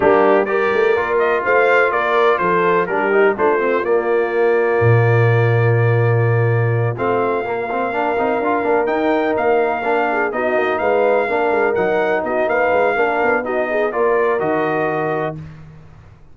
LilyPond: <<
  \new Staff \with { instrumentName = "trumpet" } { \time 4/4 \tempo 4 = 125 g'4 d''4. dis''8 f''4 | d''4 c''4 ais'4 c''4 | d''1~ | d''2~ d''8 f''4.~ |
f''2~ f''8 g''4 f''8~ | f''4. dis''4 f''4.~ | f''8 fis''4 dis''8 f''2 | dis''4 d''4 dis''2 | }
  \new Staff \with { instrumentName = "horn" } { \time 4/4 d'4 ais'2 c''4 | ais'4 a'4 g'4 f'4~ | f'1~ | f'1~ |
f'8 ais'2.~ ais'8~ | ais'4 gis'8 fis'4 b'4 ais'8~ | ais'4. fis'8 b'4 ais'4 | fis'8 gis'8 ais'2. | }
  \new Staff \with { instrumentName = "trombone" } { \time 4/4 ais4 g'4 f'2~ | f'2 d'8 dis'8 d'8 c'8 | ais1~ | ais2~ ais8 c'4 ais8 |
c'8 d'8 dis'8 f'8 d'8 dis'4.~ | dis'8 d'4 dis'2 d'8~ | d'8 dis'2~ dis'8 d'4 | dis'4 f'4 fis'2 | }
  \new Staff \with { instrumentName = "tuba" } { \time 4/4 g4. a8 ais4 a4 | ais4 f4 g4 a4 | ais2 ais,2~ | ais,2~ ais,8 a4 ais8~ |
ais4 c'8 d'8 ais8 dis'4 ais8~ | ais4. b8 ais8 gis4 ais8 | gis8 fis4 b8 ais8 gis8 ais8 b8~ | b4 ais4 dis2 | }
>>